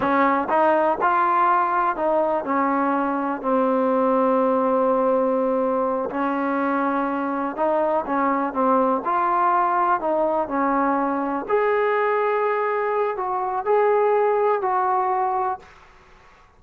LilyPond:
\new Staff \with { instrumentName = "trombone" } { \time 4/4 \tempo 4 = 123 cis'4 dis'4 f'2 | dis'4 cis'2 c'4~ | c'1~ | c'8 cis'2. dis'8~ |
dis'8 cis'4 c'4 f'4.~ | f'8 dis'4 cis'2 gis'8~ | gis'2. fis'4 | gis'2 fis'2 | }